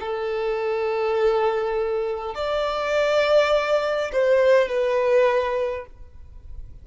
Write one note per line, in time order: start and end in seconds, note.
0.00 2.35 A4
2.35 4.11 D5
4.12 4.68 C5
4.68 5.86 B4